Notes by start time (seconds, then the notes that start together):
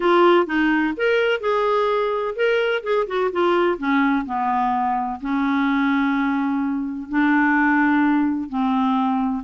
0.00 F4
0.46 D#4
0.97 A#4
1.40 G#4
2.35 A#4
2.83 G#4
3.07 F#4
3.32 F4
3.78 C#4
4.25 B3
5.20 C#4
7.08 D4
8.49 C4